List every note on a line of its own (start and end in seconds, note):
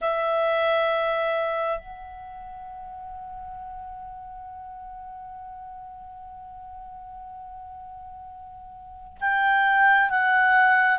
0.01 1.79 E5
1.79 9.18 F#5
9.20 10.09 G5
10.09 10.99 F#5